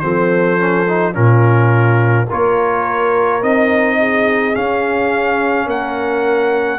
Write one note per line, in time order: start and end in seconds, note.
0.00 1.16 F3
0.00 0.58 C4
0.00 1.13 A4
0.00 1.13 C5
0.58 0.86 C#4
0.87 1.13 D#4
1.13 2.29 A#2
1.13 2.26 C#4
1.13 2.26 F4
1.13 2.28 A#4
2.26 3.42 A#3
2.26 3.41 F4
2.26 3.96 A#4
2.26 3.43 C#5
3.41 4.55 C4
3.41 4.53 D#4
3.41 4.55 D#5
4.00 5.66 G#4
4.53 6.79 C#4
4.53 5.67 C#4
4.53 5.68 F5
5.66 6.79 A#3
5.66 6.79 A#4
5.66 6.79 F#5